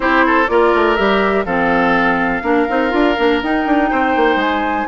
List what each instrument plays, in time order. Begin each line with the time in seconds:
0.00 bassoon C4, clarinet E4, oboe G4, flute C5
0.26 oboe A4
0.47 bassoon A#3, clarinet F4, oboe A#4, flute D5
0.74 bassoon A3
0.95 bassoon G3, clarinet G4, flute E5
1.45 bassoon F3, clarinet C4, oboe A4, flute F5
2.42 bassoon A#3, clarinet D4, oboe A#4
2.68 bassoon C4, clarinet D#4
2.90 bassoon D4, clarinet F4
3.17 bassoon A#3, clarinet D4
3.42 bassoon D#4, clarinet D#4, flute G5
3.66 bassoon D4
3.90 bassoon C4, oboe C5
4.16 bassoon A#3
4.35 bassoon G#3, flute G#5